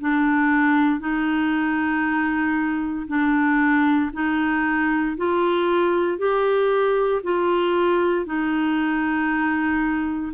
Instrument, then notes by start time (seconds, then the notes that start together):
clarinet
0.00 D4
1.00 D#4
3.08 D4
4.13 D#4
5.17 F4
6.18 G4
7.23 F4
8.26 D#4